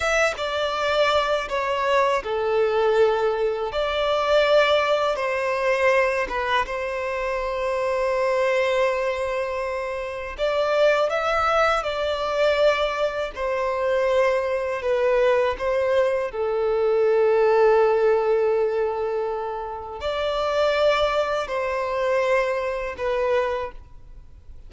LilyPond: \new Staff \with { instrumentName = "violin" } { \time 4/4 \tempo 4 = 81 e''8 d''4. cis''4 a'4~ | a'4 d''2 c''4~ | c''8 b'8 c''2.~ | c''2 d''4 e''4 |
d''2 c''2 | b'4 c''4 a'2~ | a'2. d''4~ | d''4 c''2 b'4 | }